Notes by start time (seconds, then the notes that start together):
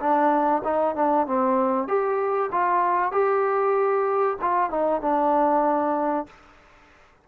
0.00 D4
0.64 D#4
0.96 D4
1.27 C4
1.88 G4
2.52 F4
3.12 G4
4.42 F4
4.70 D#4
5.02 D4